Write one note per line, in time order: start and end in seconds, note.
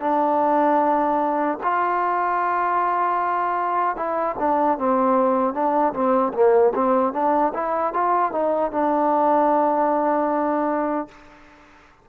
0.00 1.58 D4
1.63 3.96 F4
3.96 4.35 E4
4.39 4.78 D4
4.78 5.53 C4
5.53 5.93 D4
5.93 6.32 C4
6.33 6.73 A#3
6.74 7.13 C4
7.13 7.52 D4
7.54 7.93 E4
7.93 8.31 F4
8.31 8.71 D#4
8.71 11.08 D4